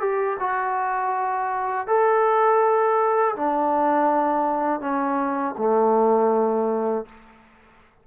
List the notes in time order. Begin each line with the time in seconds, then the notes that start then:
0.00 G4
0.40 F#4
1.87 A4
3.35 D4
4.80 C#4
5.58 A3